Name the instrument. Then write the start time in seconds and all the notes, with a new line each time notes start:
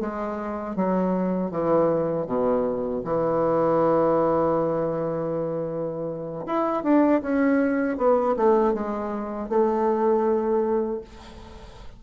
bassoon
0.00 G#3
0.76 F#3
1.51 E3
2.26 B2
3.04 E3
6.46 E4
6.83 D4
7.22 C#4
7.97 B3
8.36 A3
8.74 G#3
9.49 A3